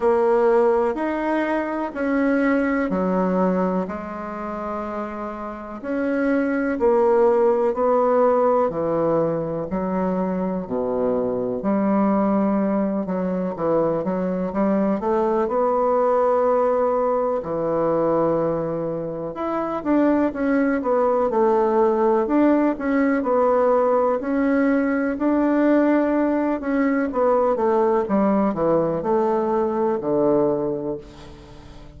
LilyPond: \new Staff \with { instrumentName = "bassoon" } { \time 4/4 \tempo 4 = 62 ais4 dis'4 cis'4 fis4 | gis2 cis'4 ais4 | b4 e4 fis4 b,4 | g4. fis8 e8 fis8 g8 a8 |
b2 e2 | e'8 d'8 cis'8 b8 a4 d'8 cis'8 | b4 cis'4 d'4. cis'8 | b8 a8 g8 e8 a4 d4 | }